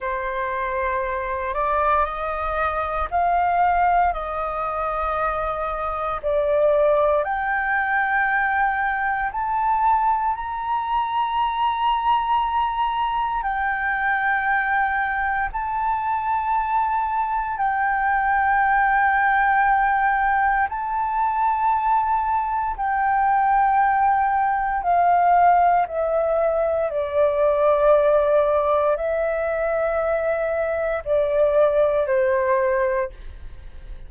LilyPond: \new Staff \with { instrumentName = "flute" } { \time 4/4 \tempo 4 = 58 c''4. d''8 dis''4 f''4 | dis''2 d''4 g''4~ | g''4 a''4 ais''2~ | ais''4 g''2 a''4~ |
a''4 g''2. | a''2 g''2 | f''4 e''4 d''2 | e''2 d''4 c''4 | }